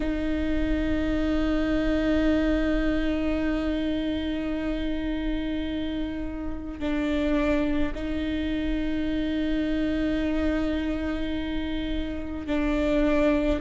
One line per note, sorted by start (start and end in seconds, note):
0.00 6.79 D#4
6.79 7.92 D4
7.95 12.46 D#4
12.46 13.60 D4